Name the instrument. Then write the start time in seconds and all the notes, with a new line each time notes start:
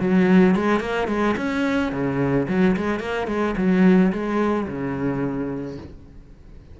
cello
0.00 F#3
0.55 G#3
0.80 A#3
1.08 G#3
1.37 C#4
1.92 C#3
2.48 F#3
2.76 G#3
2.99 A#3
3.27 G#3
3.57 F#3
4.12 G#3
4.67 C#3